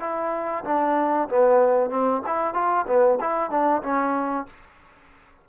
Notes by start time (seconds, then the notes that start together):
0.00 E4
0.64 D4
1.29 B3
1.90 C4
2.26 E4
2.54 F4
2.87 B3
3.20 E4
3.50 D4
3.82 C#4